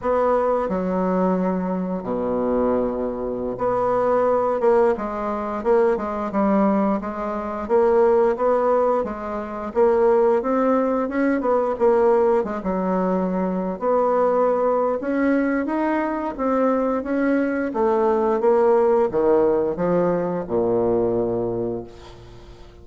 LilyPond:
\new Staff \with { instrumentName = "bassoon" } { \time 4/4 \tempo 4 = 88 b4 fis2 b,4~ | b,4~ b,16 b4. ais8 gis8.~ | gis16 ais8 gis8 g4 gis4 ais8.~ | ais16 b4 gis4 ais4 c'8.~ |
c'16 cis'8 b8 ais4 gis16 fis4.~ | fis16 b4.~ b16 cis'4 dis'4 | c'4 cis'4 a4 ais4 | dis4 f4 ais,2 | }